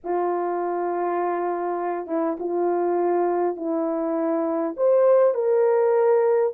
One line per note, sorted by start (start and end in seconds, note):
0.04 2.07 F4
2.07 2.36 E4
2.39 3.56 F4
3.56 4.75 E4
4.76 5.34 C5
5.34 6.53 A#4